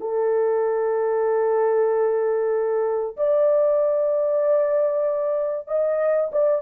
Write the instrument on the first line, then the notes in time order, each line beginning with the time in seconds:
horn
0.00 A4
3.16 D5
5.67 D#5
6.32 D5